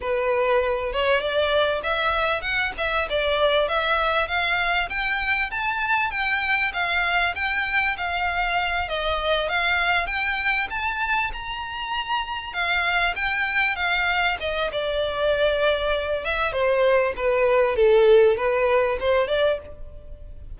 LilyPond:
\new Staff \with { instrumentName = "violin" } { \time 4/4 \tempo 4 = 98 b'4. cis''8 d''4 e''4 | fis''8 e''8 d''4 e''4 f''4 | g''4 a''4 g''4 f''4 | g''4 f''4. dis''4 f''8~ |
f''8 g''4 a''4 ais''4.~ | ais''8 f''4 g''4 f''4 dis''8 | d''2~ d''8 e''8 c''4 | b'4 a'4 b'4 c''8 d''8 | }